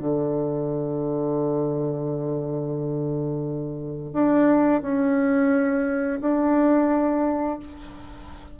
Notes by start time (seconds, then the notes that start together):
0.00 D3
4.13 D4
4.82 C#4
6.21 D4